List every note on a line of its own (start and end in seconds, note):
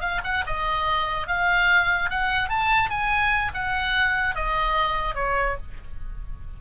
0.00 0.21 F5
0.23 0.44 F#5
0.46 1.27 D#5
1.27 2.10 F5
2.10 2.49 F#5
2.49 2.89 A5
2.89 3.52 G#5
3.53 4.35 F#5
4.35 5.14 D#5
5.14 5.56 C#5